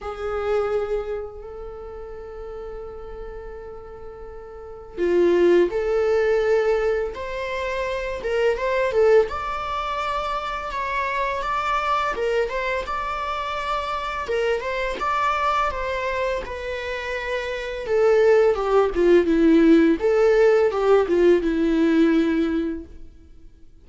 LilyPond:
\new Staff \with { instrumentName = "viola" } { \time 4/4 \tempo 4 = 84 gis'2 a'2~ | a'2. f'4 | a'2 c''4. ais'8 | c''8 a'8 d''2 cis''4 |
d''4 ais'8 c''8 d''2 | ais'8 c''8 d''4 c''4 b'4~ | b'4 a'4 g'8 f'8 e'4 | a'4 g'8 f'8 e'2 | }